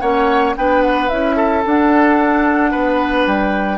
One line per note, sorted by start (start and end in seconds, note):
0.00 0.55 A#3
0.00 0.55 C#4
0.00 0.55 C#5
0.00 0.54 F#5
0.56 1.10 B3
0.56 1.10 D4
0.56 1.36 B4
0.56 0.82 G5
0.82 1.09 F#5
1.09 1.65 C#4
1.09 1.64 E4
1.09 1.63 E5
1.36 2.71 A4
1.64 3.78 D4
1.64 2.73 D4
1.64 3.27 F#5
2.71 3.26 B3
2.71 3.78 B4
3.26 3.78 G3
3.26 3.78 G5